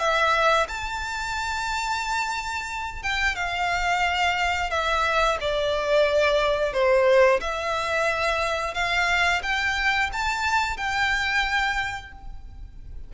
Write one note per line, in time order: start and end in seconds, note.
0.00 0.67 E5
0.69 3.03 A5
3.03 3.36 G5
3.36 4.71 F5
4.71 5.38 E5
5.41 6.74 D5
6.74 7.41 C5
7.41 8.75 E5
8.75 9.42 F5
9.43 10.11 G5
10.13 10.78 A5
10.78 12.13 G5